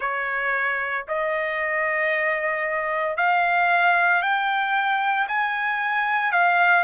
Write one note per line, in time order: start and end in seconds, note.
0.00 1.05 C#5
1.08 3.16 D#5
3.16 4.22 F5
4.22 5.27 G5
5.27 6.32 G#5
6.32 6.84 F5